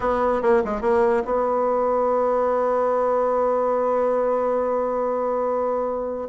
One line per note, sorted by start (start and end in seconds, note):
0.00 0.42 B3
0.42 0.63 A#3
0.64 0.81 G#3
0.81 1.23 A#3
1.25 6.28 B3